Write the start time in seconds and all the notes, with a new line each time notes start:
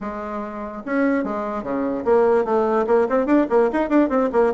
0.00 G#3
0.85 C#4
1.24 G#3
1.63 C#3
2.05 A#3
2.45 A3
2.87 A#3
3.09 C4
3.25 D4
3.49 A#3
3.72 D#4
3.89 D4
4.09 C4
4.32 A#3